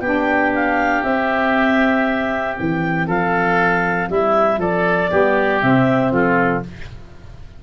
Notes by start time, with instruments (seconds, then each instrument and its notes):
0.00 tuba B3, saxophone D4, oboe G4, clarinet G5
0.55 clarinet F5
1.03 tuba C4, saxophone C4, clarinet E5
2.57 tuba E3, clarinet G5
3.07 tuba F3, oboe A4, clarinet F5
4.10 tuba G3, oboe E4, clarinet E5
4.58 tuba F3, oboe A4, clarinet D5
5.10 tuba G3, saxophone B3, oboe G4
5.62 tuba C3, saxophone C4, clarinet E5
6.12 tuba F3, oboe F4, clarinet A4